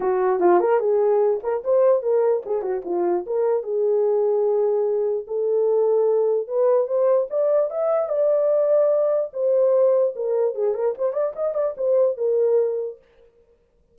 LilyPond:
\new Staff \with { instrumentName = "horn" } { \time 4/4 \tempo 4 = 148 fis'4 f'8 ais'8 gis'4. ais'8 | c''4 ais'4 gis'8 fis'8 f'4 | ais'4 gis'2.~ | gis'4 a'2. |
b'4 c''4 d''4 e''4 | d''2. c''4~ | c''4 ais'4 gis'8 ais'8 c''8 d''8 | dis''8 d''8 c''4 ais'2 | }